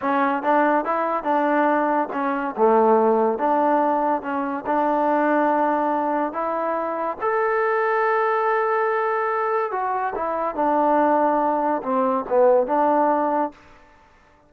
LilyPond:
\new Staff \with { instrumentName = "trombone" } { \time 4/4 \tempo 4 = 142 cis'4 d'4 e'4 d'4~ | d'4 cis'4 a2 | d'2 cis'4 d'4~ | d'2. e'4~ |
e'4 a'2.~ | a'2. fis'4 | e'4 d'2. | c'4 b4 d'2 | }